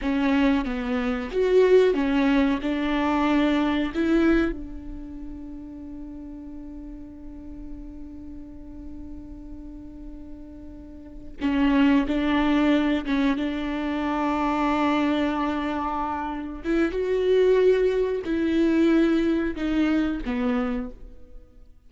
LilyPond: \new Staff \with { instrumentName = "viola" } { \time 4/4 \tempo 4 = 92 cis'4 b4 fis'4 cis'4 | d'2 e'4 d'4~ | d'1~ | d'1~ |
d'4. cis'4 d'4. | cis'8 d'2.~ d'8~ | d'4. e'8 fis'2 | e'2 dis'4 b4 | }